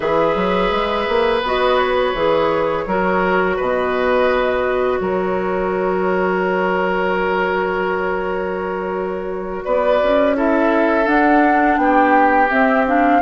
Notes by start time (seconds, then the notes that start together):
0.00 E3 G#4 B4 E5
0.35 F#3
0.71 G#3
1.08 A#3
1.42 B3 F#4 D#5
1.78 C#5
2.14 E3 G#4
2.86 F#3 F#4 A#4
3.56 B2 B4 D#5
4.99 F#3 A#4 C#5
9.64 B3 B4 D5
10.01 C#4
10.36 E4 A4 E5
11.04 D4 F#5
11.77 B3 G4 G5
12.50 C4 E5
12.86 D4 F5